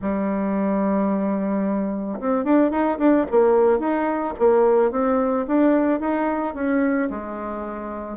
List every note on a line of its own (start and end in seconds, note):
0.01 2.19 G3
2.19 2.44 C4
2.44 2.70 D4
2.70 2.98 D#4
2.98 3.25 D4
3.30 3.79 A#3
3.79 4.33 D#4
4.38 4.91 A#3
4.91 5.45 C4
5.47 6.00 D4
6.00 6.54 D#4
6.54 7.09 C#4
7.10 8.17 G#3